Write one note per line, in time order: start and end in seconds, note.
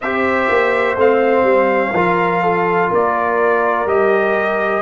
0.01 0.49 C4
0.01 0.97 G4
0.01 1.95 C5
0.01 0.97 E5
0.49 0.96 A#3
0.96 1.43 A3
0.96 1.94 C4
0.96 2.93 F5
1.43 1.91 G3
1.93 2.90 F3
1.93 3.87 F4
1.93 2.43 A#4
2.43 2.89 A4
2.89 3.86 A#3
2.89 4.81 A#4
2.89 3.87 D5
3.86 4.81 G3
3.86 4.81 G4
3.86 4.81 D#5